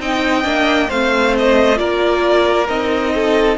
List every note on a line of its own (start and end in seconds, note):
0.00 0.44 C4
0.00 0.43 D#4
0.00 0.88 D#5
0.00 0.90 G5
0.43 0.89 A#3
0.43 0.88 D4
0.88 1.80 A3
0.88 1.76 C4
0.88 1.78 C5
0.88 1.35 F5
1.38 1.78 D#5
1.76 2.69 A#3
1.76 2.65 F4
1.76 3.13 A#4
1.76 2.68 D5
2.68 3.58 C4
2.68 3.58 D#4
2.68 3.58 D#5
3.15 3.58 A4